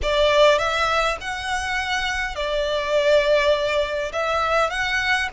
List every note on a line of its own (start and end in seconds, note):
0.02 0.58 D5
0.58 1.17 E5
1.21 2.35 F#5
2.35 4.12 D5
4.12 4.70 E5
4.70 5.28 F#5